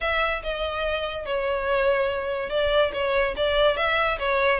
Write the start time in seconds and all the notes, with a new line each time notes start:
0.00 E5
0.43 D#5
1.25 C#5
2.49 D5
2.93 C#5
3.36 D5
3.76 E5
4.18 C#5